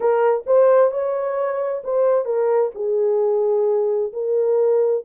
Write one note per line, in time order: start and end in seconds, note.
0.00 0.44 A#4
0.46 0.91 C5
0.91 1.82 C#5
1.84 2.25 C5
2.25 2.71 A#4
2.74 4.12 G#4
4.12 5.04 A#4